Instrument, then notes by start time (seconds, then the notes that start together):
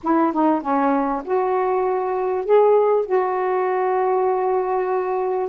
saxophone
0.03 E4
0.32 D#4
0.61 C#4
1.24 F#4
2.45 G#4
3.06 F#4